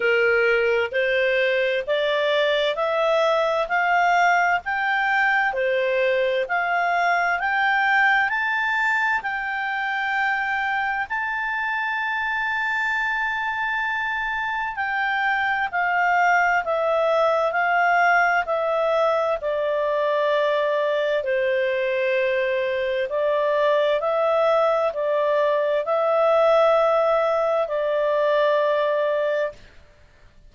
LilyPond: \new Staff \with { instrumentName = "clarinet" } { \time 4/4 \tempo 4 = 65 ais'4 c''4 d''4 e''4 | f''4 g''4 c''4 f''4 | g''4 a''4 g''2 | a''1 |
g''4 f''4 e''4 f''4 | e''4 d''2 c''4~ | c''4 d''4 e''4 d''4 | e''2 d''2 | }